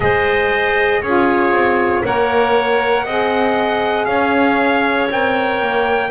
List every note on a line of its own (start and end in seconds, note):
0.00 1.02 G#3
0.00 1.01 G#4
0.00 1.01 C5
0.00 1.01 D#5
1.01 1.51 C#4
1.01 2.04 F4
1.01 2.03 G#4
1.01 2.03 C#5
1.51 2.01 C4
2.04 3.05 A#3
2.04 3.06 A#4
2.04 3.04 C#5
2.04 4.05 F#5
3.04 4.06 C4
3.04 5.10 G#4
3.04 4.06 D#5
4.05 5.09 C#4
4.05 6.11 C#5
4.05 5.07 F5
5.10 5.60 C4
5.10 6.11 A#4
5.10 6.11 G5
5.60 6.11 A#3